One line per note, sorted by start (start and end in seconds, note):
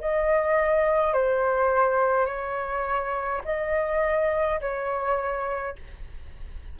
0.00 1.13 D#5
1.13 2.26 C5
2.26 3.41 C#5
3.45 4.60 D#5
4.60 5.75 C#5